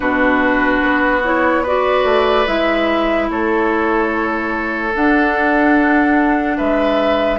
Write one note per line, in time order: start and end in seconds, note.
0.00 0.81 B2
0.00 1.21 D4
0.00 1.63 F#4
0.00 1.23 B4
0.82 2.04 B3
1.23 1.64 E4
1.23 1.65 C#5
1.63 2.46 F#4
1.63 3.27 B4
1.63 2.47 D5
2.04 2.45 A3
2.46 3.29 G#3
2.46 4.92 E4
2.46 3.29 E5
3.30 4.94 A3
3.30 6.57 A4
3.30 4.95 C#5
4.93 7.38 D4
4.93 6.59 D4
4.93 6.58 F#5
6.57 7.38 G#3
6.57 7.38 B4
6.57 7.38 E5